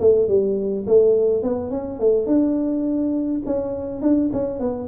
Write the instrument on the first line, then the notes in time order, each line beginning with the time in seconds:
tuba
0.00 A3
0.28 G3
0.87 A3
1.43 B3
1.71 C#4
2.00 A3
2.26 D4
3.46 C#4
4.02 D4
4.33 C#4
4.59 B3